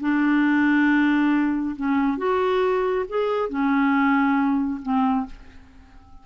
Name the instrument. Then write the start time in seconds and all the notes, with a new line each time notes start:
clarinet
0.00 D4
1.76 C#4
2.17 F#4
3.08 G#4
3.49 C#4
4.82 C4